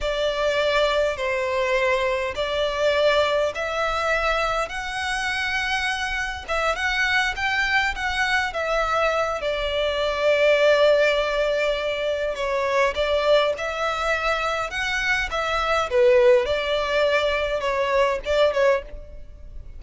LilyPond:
\new Staff \with { instrumentName = "violin" } { \time 4/4 \tempo 4 = 102 d''2 c''2 | d''2 e''2 | fis''2. e''8 fis''8~ | fis''8 g''4 fis''4 e''4. |
d''1~ | d''4 cis''4 d''4 e''4~ | e''4 fis''4 e''4 b'4 | d''2 cis''4 d''8 cis''8 | }